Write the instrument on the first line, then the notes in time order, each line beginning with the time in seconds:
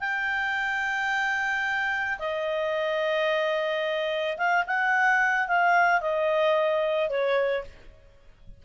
clarinet
0.00 G5
2.19 D#5
4.37 F5
4.66 F#5
5.47 F5
6.01 D#5
7.09 C#5